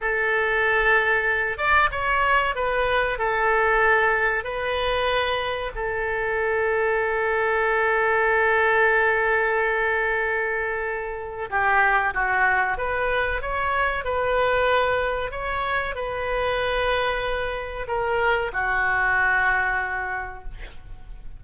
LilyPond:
\new Staff \with { instrumentName = "oboe" } { \time 4/4 \tempo 4 = 94 a'2~ a'8 d''8 cis''4 | b'4 a'2 b'4~ | b'4 a'2.~ | a'1~ |
a'2 g'4 fis'4 | b'4 cis''4 b'2 | cis''4 b'2. | ais'4 fis'2. | }